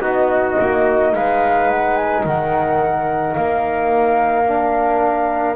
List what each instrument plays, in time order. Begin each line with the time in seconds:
0.00 double bass B3, trombone D#4, trumpet F#4, flute D#5
0.59 double bass A#3
1.13 double bass G#3, trumpet B4, flute F5
1.70 flute F#5
1.96 flute G#5
2.24 double bass D#3, trumpet A#4, flute F#5
3.34 double bass A#3, flute F5
4.45 trombone D4